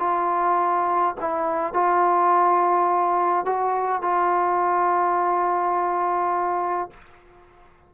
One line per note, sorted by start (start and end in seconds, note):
0.00 1.15 F4
1.21 1.74 E4
1.74 3.46 F4
3.46 4.02 F#4
4.02 6.90 F4